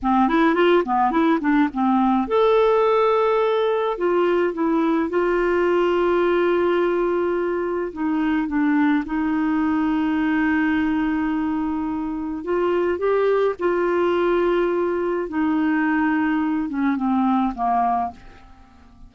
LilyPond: \new Staff \with { instrumentName = "clarinet" } { \time 4/4 \tempo 4 = 106 c'8 e'8 f'8 b8 e'8 d'8 c'4 | a'2. f'4 | e'4 f'2.~ | f'2 dis'4 d'4 |
dis'1~ | dis'2 f'4 g'4 | f'2. dis'4~ | dis'4. cis'8 c'4 ais4 | }